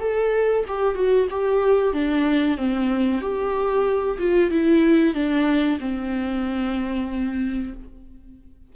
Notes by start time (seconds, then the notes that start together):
0.00 A4
0.68 G4
0.95 F#4
1.30 G4
1.93 D4
2.57 C4
3.21 G4
4.18 F4
4.51 E4
5.14 D4
5.80 C4